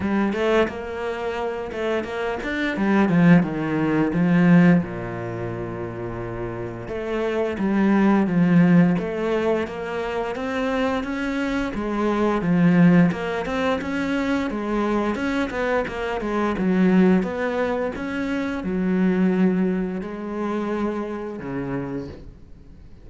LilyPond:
\new Staff \with { instrumentName = "cello" } { \time 4/4 \tempo 4 = 87 g8 a8 ais4. a8 ais8 d'8 | g8 f8 dis4 f4 ais,4~ | ais,2 a4 g4 | f4 a4 ais4 c'4 |
cis'4 gis4 f4 ais8 c'8 | cis'4 gis4 cis'8 b8 ais8 gis8 | fis4 b4 cis'4 fis4~ | fis4 gis2 cis4 | }